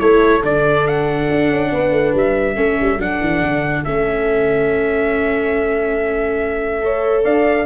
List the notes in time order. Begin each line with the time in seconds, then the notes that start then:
0.00 A3 E4 A4 C#5
0.43 D3 D4 D5
0.87 F#5
1.31 D4
1.51 C#4
1.72 B3 B4
1.91 A3
2.14 G3 E5
2.55 A3 C#4 A4
2.80 G3
2.97 F#3 D4 F#5
3.20 E3
3.42 D3
3.84 A3 C#4 E5
6.81 A4 C#5
7.24 D4 D5 F5